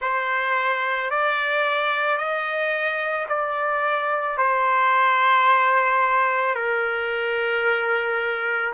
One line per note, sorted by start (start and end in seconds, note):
0.01 1.10 C5
1.10 2.17 D5
2.17 3.26 D#5
3.28 4.37 D5
4.37 6.55 C5
6.55 8.73 A#4